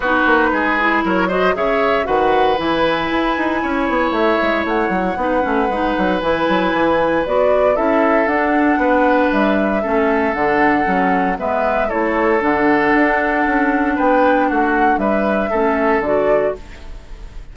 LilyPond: <<
  \new Staff \with { instrumentName = "flute" } { \time 4/4 \tempo 4 = 116 b'2 cis''8 dis''8 e''4 | fis''4 gis''2. | e''4 fis''2. | gis''2 d''4 e''4 |
fis''2 e''2 | fis''2 e''4 cis''4 | fis''2. g''4 | fis''4 e''2 d''4 | }
  \new Staff \with { instrumentName = "oboe" } { \time 4/4 fis'4 gis'4 ais'8 c''8 cis''4 | b'2. cis''4~ | cis''2 b'2~ | b'2. a'4~ |
a'4 b'2 a'4~ | a'2 b'4 a'4~ | a'2. b'4 | fis'4 b'4 a'2 | }
  \new Staff \with { instrumentName = "clarinet" } { \time 4/4 dis'4. e'4 fis'8 gis'4 | fis'4 e'2.~ | e'2 dis'8 cis'8 dis'4 | e'2 fis'4 e'4 |
d'2. cis'4 | d'4 cis'4 b4 e'4 | d'1~ | d'2 cis'4 fis'4 | }
  \new Staff \with { instrumentName = "bassoon" } { \time 4/4 b8 ais8 gis4 fis4 cis4 | dis4 e4 e'8 dis'8 cis'8 b8 | a8 gis8 a8 fis8 b8 a8 gis8 fis8 | e8 fis8 e4 b4 cis'4 |
d'4 b4 g4 a4 | d4 fis4 gis4 a4 | d4 d'4 cis'4 b4 | a4 g4 a4 d4 | }
>>